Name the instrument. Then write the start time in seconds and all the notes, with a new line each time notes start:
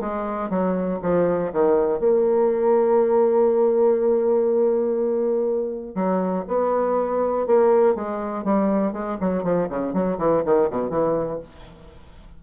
bassoon
0.00 G#3
0.50 F#3
1.02 F3
1.52 D#3
1.99 A#3
5.95 F#3
6.48 B3
7.46 A#3
7.95 G#3
8.44 G3
8.93 G#3
9.20 F#3
9.43 F3
9.69 C#3
9.93 F#3
10.18 E3
10.44 D#3
10.70 B2
10.89 E3